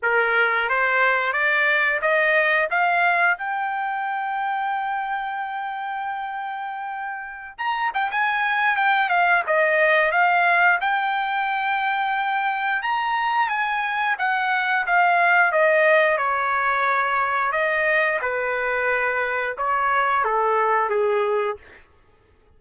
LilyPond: \new Staff \with { instrumentName = "trumpet" } { \time 4/4 \tempo 4 = 89 ais'4 c''4 d''4 dis''4 | f''4 g''2.~ | g''2.~ g''16 ais''8 g''16 | gis''4 g''8 f''8 dis''4 f''4 |
g''2. ais''4 | gis''4 fis''4 f''4 dis''4 | cis''2 dis''4 b'4~ | b'4 cis''4 a'4 gis'4 | }